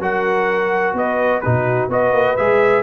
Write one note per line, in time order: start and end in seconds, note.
0.00 0.94 F#3
0.00 1.43 F#4
0.00 0.96 A#4
0.00 0.97 F#5
0.94 1.41 B3
0.94 1.43 B4
0.94 1.41 D#5
1.41 1.89 B2
1.41 1.91 D#4
1.41 1.92 F#4
1.41 1.88 B4
1.89 2.12 B3
1.89 2.38 F#4
1.89 2.83 B4
1.89 2.37 D#5
2.12 2.36 A#3
2.37 2.83 G#3
2.37 2.83 G#4
2.37 2.83 E5